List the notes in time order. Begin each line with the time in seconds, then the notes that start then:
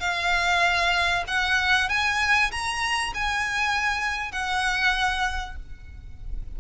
0.00 F5
1.27 F#5
1.89 G#5
2.51 A#5
3.14 G#5
4.32 F#5